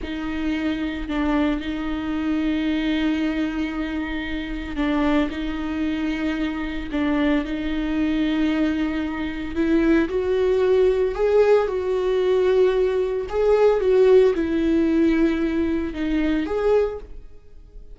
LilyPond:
\new Staff \with { instrumentName = "viola" } { \time 4/4 \tempo 4 = 113 dis'2 d'4 dis'4~ | dis'1~ | dis'4 d'4 dis'2~ | dis'4 d'4 dis'2~ |
dis'2 e'4 fis'4~ | fis'4 gis'4 fis'2~ | fis'4 gis'4 fis'4 e'4~ | e'2 dis'4 gis'4 | }